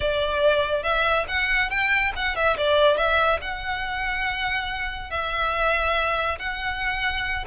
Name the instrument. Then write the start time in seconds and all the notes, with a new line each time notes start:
violin
0.00 D5
0.83 E5
1.27 F#5
1.70 G5
2.15 F#5
2.35 E5
2.57 D5
2.97 E5
3.41 F#5
5.10 E5
6.38 F#5